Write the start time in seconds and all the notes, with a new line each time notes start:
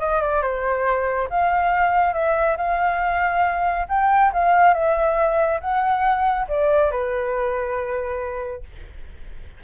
0.00 D#5
0.22 D5
0.42 C5
1.30 F5
2.14 E5
2.58 F5
3.89 G5
4.33 F5
4.74 E5
5.61 F#5
6.48 D5
6.91 B4